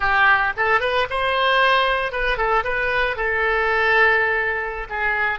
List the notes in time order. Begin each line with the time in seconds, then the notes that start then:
0.00 G4
0.56 A4
0.80 B4
1.10 C5
2.12 B4
2.37 A4
2.64 B4
3.16 A4
4.89 G#4